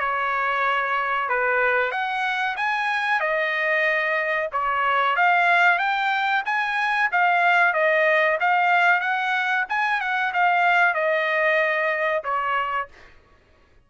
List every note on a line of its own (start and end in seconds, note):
0.00 1.29 C#5
1.29 1.91 B4
1.91 2.56 F#5
2.57 3.20 G#5
3.20 4.49 D#5
4.52 5.16 C#5
5.16 5.79 F5
5.79 6.43 G5
6.45 7.10 G#5
7.12 7.74 F5
7.74 8.38 D#5
8.40 9.01 F5
9.01 9.65 F#5
9.69 10.01 G#5
10.01 10.33 F#5
10.33 10.94 F5
10.94 12.23 D#5
12.24 12.89 C#5